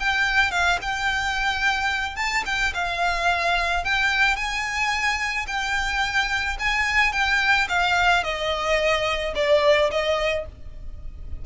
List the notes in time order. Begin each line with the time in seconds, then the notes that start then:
0.00 G5
0.52 F5
0.82 G5
2.17 A5
2.46 G5
2.75 F5
3.85 G5
4.36 G#5
5.48 G5
6.60 G#5
7.13 G5
7.69 F5
8.24 D#5
9.36 D5
9.91 D#5